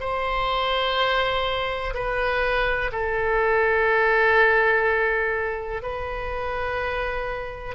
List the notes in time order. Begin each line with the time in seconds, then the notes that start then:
0.00 C5
1.94 B4
2.92 A4
5.82 B4